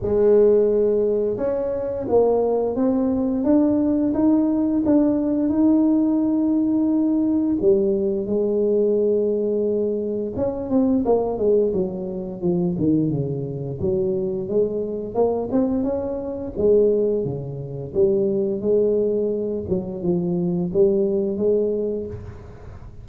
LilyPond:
\new Staff \with { instrumentName = "tuba" } { \time 4/4 \tempo 4 = 87 gis2 cis'4 ais4 | c'4 d'4 dis'4 d'4 | dis'2. g4 | gis2. cis'8 c'8 |
ais8 gis8 fis4 f8 dis8 cis4 | fis4 gis4 ais8 c'8 cis'4 | gis4 cis4 g4 gis4~ | gis8 fis8 f4 g4 gis4 | }